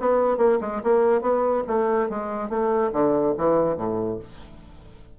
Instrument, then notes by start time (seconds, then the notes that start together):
bassoon
0.00 B3
0.38 A#3
0.61 G#3
0.84 A#3
1.21 B3
1.67 A3
2.09 G#3
2.49 A3
2.92 D3
3.38 E3
3.77 A2